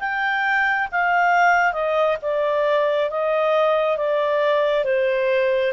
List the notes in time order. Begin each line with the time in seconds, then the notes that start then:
0.00 G5
0.92 F5
1.73 D#5
2.22 D5
3.10 D#5
3.97 D5
4.84 C5